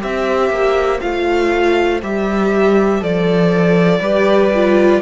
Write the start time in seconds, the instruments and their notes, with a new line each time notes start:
0.00 cello C4, viola G4, violin C5 E5
0.50 cello A#3
1.00 cello A3, viola F4, violin F5
2.02 cello G3, viola G4, violin E5
3.01 cello F3, viola A4, violin D5
4.00 cello G3, viola G4, violin B4
4.55 viola F4